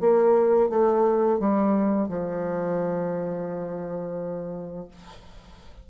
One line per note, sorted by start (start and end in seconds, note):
0.00 0.69 A#3
0.69 1.39 A3
1.39 2.08 G3
2.08 4.87 F3